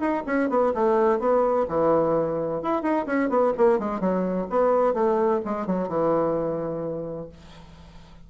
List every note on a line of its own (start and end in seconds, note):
0.00 0.23 D#4
0.27 0.50 C#4
0.50 0.73 B3
0.75 1.20 A3
1.20 1.67 B3
1.69 2.62 E3
2.62 2.83 E4
2.83 3.06 D#4
3.07 3.30 C#4
3.30 3.53 B3
3.58 3.79 A#3
3.79 4.00 G#3
4.00 4.47 F#3
4.50 4.94 B3
4.94 5.41 A3
5.45 5.67 G#3
5.67 5.89 F#3
5.89 7.29 E3